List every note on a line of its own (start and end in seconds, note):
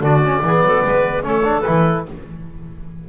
0.00 0.40 D3
0.00 0.23 D4
0.00 0.41 F#4
0.00 1.24 D5
0.23 0.43 C#4
0.42 0.62 E3
0.42 1.22 B3
0.42 0.65 G#4
0.62 0.82 F#3
0.62 0.84 A4
0.84 1.23 G#3
0.84 1.24 B4
1.22 1.63 A3
1.22 1.42 C#4
1.22 2.06 A4
1.22 1.61 C#5
1.44 1.64 D4
1.61 2.05 E4
1.61 2.01 B4
1.68 2.08 E3